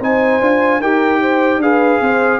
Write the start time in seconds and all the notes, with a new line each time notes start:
0.00 C4 D#4 C5 G#5
0.40 D4 F4
0.80 D#4 G4 A#4 G5
1.21 C5
1.57 D4 G#4 B4 F5
2.01 C4 C5